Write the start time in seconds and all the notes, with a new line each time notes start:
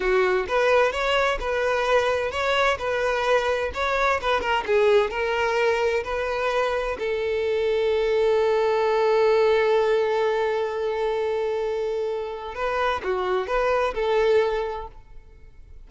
0.00 F#4
0.48 B4
0.92 C#5
1.40 B4
2.31 C#5
2.78 B4
3.74 C#5
4.21 B4
4.40 A#4
4.66 G#4
5.10 A#4
6.04 B4
6.99 A4
12.55 B4
13.03 F#4
13.47 B4
13.94 A4